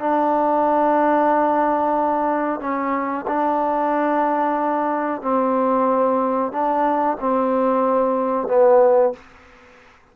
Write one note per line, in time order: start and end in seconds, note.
0.00 2.60 D4
2.60 3.25 C#4
3.27 5.22 D4
5.22 6.52 C4
6.52 7.17 D4
7.20 8.48 C4
8.48 9.13 B3